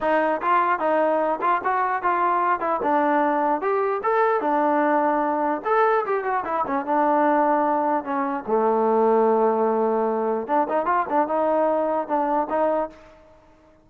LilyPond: \new Staff \with { instrumentName = "trombone" } { \time 4/4 \tempo 4 = 149 dis'4 f'4 dis'4. f'8 | fis'4 f'4. e'8 d'4~ | d'4 g'4 a'4 d'4~ | d'2 a'4 g'8 fis'8 |
e'8 cis'8 d'2. | cis'4 a2.~ | a2 d'8 dis'8 f'8 d'8 | dis'2 d'4 dis'4 | }